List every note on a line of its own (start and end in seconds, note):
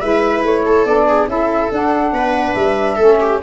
0.00 0.43 G#3
0.00 0.86 E4
0.00 0.64 B4
0.00 0.43 E5
0.43 0.86 A3
0.43 0.86 C#5
0.66 1.08 A4
0.86 1.27 B3
0.86 1.28 D4
0.86 1.28 D5
1.08 1.29 G#4
1.27 1.70 C#4
1.27 1.71 E4
1.27 2.14 A4
1.27 1.72 E5
1.72 2.12 D4
1.72 3.00 D4
1.72 2.54 F#5
2.12 2.55 B3
2.12 2.96 B4
2.54 2.98 G3
2.54 3.40 E5
2.96 3.42 A3
2.96 3.42 C#4
2.96 3.17 A4
3.21 3.42 G4